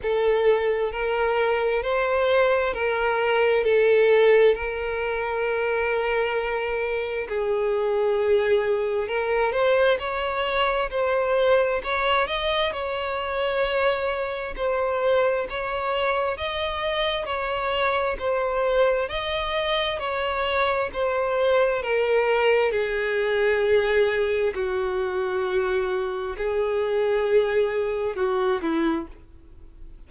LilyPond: \new Staff \with { instrumentName = "violin" } { \time 4/4 \tempo 4 = 66 a'4 ais'4 c''4 ais'4 | a'4 ais'2. | gis'2 ais'8 c''8 cis''4 | c''4 cis''8 dis''8 cis''2 |
c''4 cis''4 dis''4 cis''4 | c''4 dis''4 cis''4 c''4 | ais'4 gis'2 fis'4~ | fis'4 gis'2 fis'8 e'8 | }